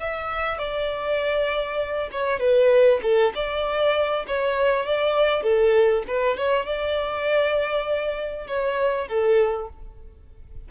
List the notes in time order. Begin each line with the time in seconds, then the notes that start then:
0.00 E5
0.58 D5
2.12 C#5
2.40 B4
3.03 A4
3.35 D5
4.28 C#5
4.86 D5
5.43 A4
6.08 B4
6.37 C#5
6.66 D5
8.48 C#5
9.09 A4